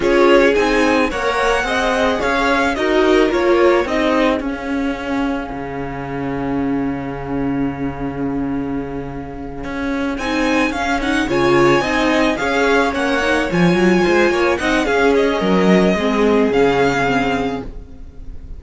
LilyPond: <<
  \new Staff \with { instrumentName = "violin" } { \time 4/4 \tempo 4 = 109 cis''4 gis''4 fis''2 | f''4 dis''4 cis''4 dis''4 | f''1~ | f''1~ |
f''2~ f''8 gis''4 f''8 | fis''8 gis''2 f''4 fis''8~ | fis''8 gis''2 fis''8 f''8 dis''8~ | dis''2 f''2 | }
  \new Staff \with { instrumentName = "violin" } { \time 4/4 gis'2 cis''4 dis''4 | cis''4 ais'2 gis'4~ | gis'1~ | gis'1~ |
gis'1~ | gis'8 cis''4 dis''4 cis''4.~ | cis''4. c''8 cis''8 dis''8 gis'4 | ais'4 gis'2. | }
  \new Staff \with { instrumentName = "viola" } { \time 4/4 f'4 dis'4 ais'4 gis'4~ | gis'4 fis'4 f'4 dis'4 | cis'1~ | cis'1~ |
cis'2~ cis'8 dis'4 cis'8 | dis'8 f'4 dis'4 gis'4 cis'8 | dis'8 f'2 dis'8 cis'4~ | cis'4 c'4 cis'4 c'4 | }
  \new Staff \with { instrumentName = "cello" } { \time 4/4 cis'4 c'4 ais4 c'4 | cis'4 dis'4 ais4 c'4 | cis'2 cis2~ | cis1~ |
cis4. cis'4 c'4 cis'8~ | cis'8 cis4 c'4 cis'4 ais8~ | ais8 f8 fis8 gis8 ais8 c'8 cis'4 | fis4 gis4 cis2 | }
>>